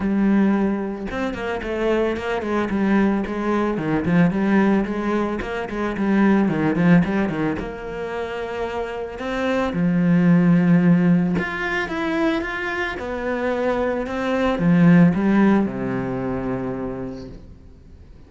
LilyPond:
\new Staff \with { instrumentName = "cello" } { \time 4/4 \tempo 4 = 111 g2 c'8 ais8 a4 | ais8 gis8 g4 gis4 dis8 f8 | g4 gis4 ais8 gis8 g4 | dis8 f8 g8 dis8 ais2~ |
ais4 c'4 f2~ | f4 f'4 e'4 f'4 | b2 c'4 f4 | g4 c2. | }